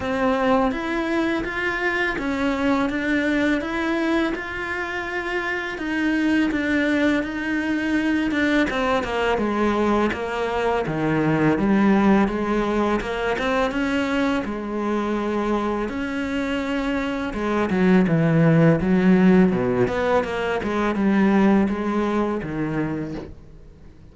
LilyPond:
\new Staff \with { instrumentName = "cello" } { \time 4/4 \tempo 4 = 83 c'4 e'4 f'4 cis'4 | d'4 e'4 f'2 | dis'4 d'4 dis'4. d'8 | c'8 ais8 gis4 ais4 dis4 |
g4 gis4 ais8 c'8 cis'4 | gis2 cis'2 | gis8 fis8 e4 fis4 b,8 b8 | ais8 gis8 g4 gis4 dis4 | }